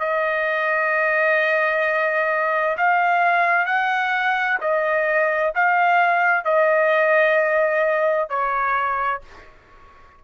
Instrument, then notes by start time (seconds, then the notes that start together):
trumpet
0.00 D#5
2.77 F5
3.66 F#5
4.61 D#5
5.55 F5
6.45 D#5
8.30 C#5